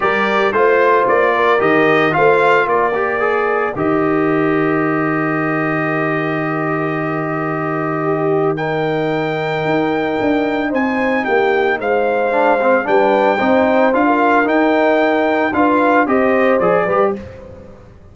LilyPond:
<<
  \new Staff \with { instrumentName = "trumpet" } { \time 4/4 \tempo 4 = 112 d''4 c''4 d''4 dis''4 | f''4 d''2 dis''4~ | dis''1~ | dis''1 |
g''1 | gis''4 g''4 f''2 | g''2 f''4 g''4~ | g''4 f''4 dis''4 d''4 | }
  \new Staff \with { instrumentName = "horn" } { \time 4/4 ais'4 c''4. ais'4. | c''4 ais'2.~ | ais'1~ | ais'2. g'4 |
ais'1 | c''4 g'4 c''2 | b'4 c''4~ c''16 ais'4.~ ais'16~ | ais'4 b'4 c''4. b'8 | }
  \new Staff \with { instrumentName = "trombone" } { \time 4/4 g'4 f'2 g'4 | f'4. g'8 gis'4 g'4~ | g'1~ | g'1 |
dis'1~ | dis'2. d'8 c'8 | d'4 dis'4 f'4 dis'4~ | dis'4 f'4 g'4 gis'8 g'8 | }
  \new Staff \with { instrumentName = "tuba" } { \time 4/4 g4 a4 ais4 dis4 | a4 ais2 dis4~ | dis1~ | dis1~ |
dis2 dis'4 d'4 | c'4 ais4 gis2 | g4 c'4 d'4 dis'4~ | dis'4 d'4 c'4 f8 g8 | }
>>